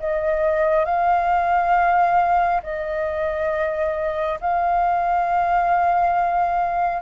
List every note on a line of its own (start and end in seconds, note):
0.00 0.85 D#5
0.85 2.62 F5
2.64 4.40 D#5
4.41 7.03 F5